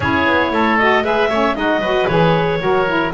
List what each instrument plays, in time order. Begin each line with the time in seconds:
0.00 double bass C#4, saxophone E4, oboe G#4, clarinet C#5
0.25 double bass B3
0.50 double bass A3, oboe A4
0.78 saxophone F#4, clarinet D#5
1.02 double bass G#3, saxophone G#4, oboe B4, clarinet E5
1.29 double bass A3, saxophone C#4, oboe C#5
1.55 double bass G#3, saxophone D#4, oboe F#4, clarinet D#5
1.79 double bass F#3, saxophone F#4, oboe B4
2.07 double bass E3, saxophone G#4, clarinet C#5
2.59 double bass F#3, saxophone F#4, oboe A#4
2.86 saxophone E4